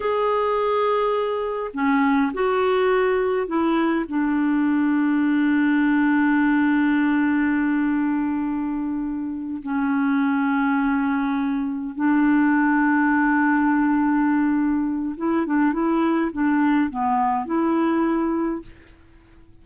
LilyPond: \new Staff \with { instrumentName = "clarinet" } { \time 4/4 \tempo 4 = 103 gis'2. cis'4 | fis'2 e'4 d'4~ | d'1~ | d'1~ |
d'8 cis'2.~ cis'8~ | cis'8 d'2.~ d'8~ | d'2 e'8 d'8 e'4 | d'4 b4 e'2 | }